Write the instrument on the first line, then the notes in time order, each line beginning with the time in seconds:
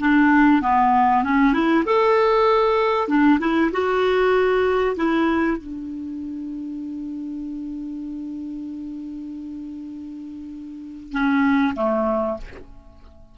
clarinet
0.00 D4
0.62 B3
1.24 C#4
1.54 E4
1.86 A4
3.08 D4
3.40 E4
3.73 F#4
4.97 E4
5.58 D4
11.12 C#4
11.76 A3